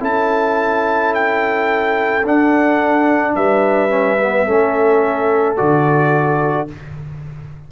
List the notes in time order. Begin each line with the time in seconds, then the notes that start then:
0.00 C#4 E4 A4 A5
1.14 G5
2.24 D4 F#5
3.35 G3 B4 E5
3.89 C#4
4.20 B3
4.46 A3 C#4 A4
5.56 D3 F#4 D5